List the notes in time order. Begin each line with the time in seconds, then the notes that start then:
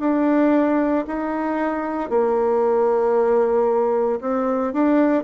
0.00 D4
1.08 D#4
2.10 A#3
4.22 C4
4.74 D4